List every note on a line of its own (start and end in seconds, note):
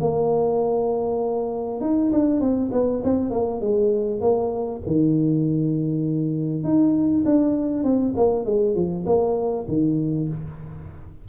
0.00 1.81 A#3
1.81 2.11 D#4
2.12 2.40 D4
2.40 2.70 C4
2.72 3.02 B3
3.04 3.30 C4
3.30 3.60 A#3
3.60 4.20 G#3
4.20 4.81 A#3
4.86 6.63 D#3
6.63 7.24 D#4
7.25 7.83 D4
7.83 8.14 C4
8.16 8.45 A#3
8.45 8.75 G#3
8.75 9.05 F3
9.06 9.66 A#3
9.67 10.28 D#3